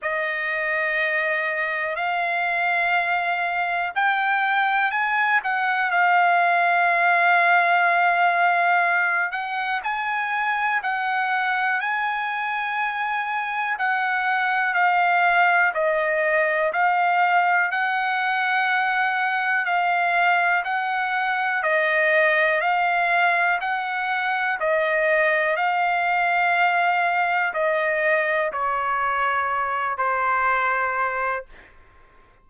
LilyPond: \new Staff \with { instrumentName = "trumpet" } { \time 4/4 \tempo 4 = 61 dis''2 f''2 | g''4 gis''8 fis''8 f''2~ | f''4. fis''8 gis''4 fis''4 | gis''2 fis''4 f''4 |
dis''4 f''4 fis''2 | f''4 fis''4 dis''4 f''4 | fis''4 dis''4 f''2 | dis''4 cis''4. c''4. | }